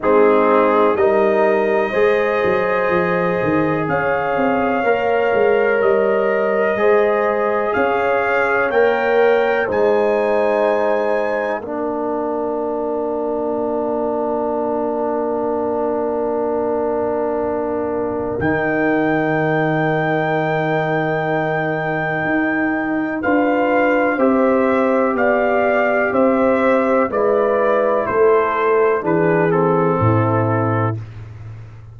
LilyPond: <<
  \new Staff \with { instrumentName = "trumpet" } { \time 4/4 \tempo 4 = 62 gis'4 dis''2. | f''2 dis''2 | f''4 g''4 gis''2 | f''1~ |
f''2. g''4~ | g''1 | f''4 e''4 f''4 e''4 | d''4 c''4 b'8 a'4. | }
  \new Staff \with { instrumentName = "horn" } { \time 4/4 dis'4 ais'4 c''2 | cis''2. c''4 | cis''2 c''2 | ais'1~ |
ais'1~ | ais'1 | b'4 c''4 d''4 c''4 | b'4 a'4 gis'4 e'4 | }
  \new Staff \with { instrumentName = "trombone" } { \time 4/4 c'4 dis'4 gis'2~ | gis'4 ais'2 gis'4~ | gis'4 ais'4 dis'2 | d'1~ |
d'2. dis'4~ | dis'1 | f'4 g'2. | e'2 d'8 c'4. | }
  \new Staff \with { instrumentName = "tuba" } { \time 4/4 gis4 g4 gis8 fis8 f8 dis8 | cis'8 c'8 ais8 gis8 g4 gis4 | cis'4 ais4 gis2 | ais1~ |
ais2. dis4~ | dis2. dis'4 | d'4 c'4 b4 c'4 | gis4 a4 e4 a,4 | }
>>